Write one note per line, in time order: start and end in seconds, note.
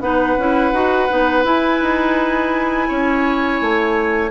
0.00 0.36 B3
0.00 0.37 D#4
0.00 2.88 B4
0.00 1.43 F#5
0.37 0.72 C#4
0.37 0.72 E4
0.72 1.08 D#4
0.72 1.08 F#4
1.08 1.44 B3
1.08 1.43 D#4
1.43 4.29 E4
1.43 1.79 E4
1.43 4.31 G#5
1.81 2.88 D#4
2.88 3.61 C#4
2.88 4.31 C#5
3.61 4.31 A3